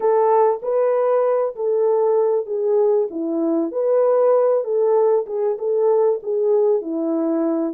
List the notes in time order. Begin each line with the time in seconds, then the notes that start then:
0.00 A4
0.62 B4
1.55 A4
2.46 G#4
3.10 E4
3.71 B4
4.64 A4
5.26 G#4
5.58 A4
6.22 G#4
6.81 E4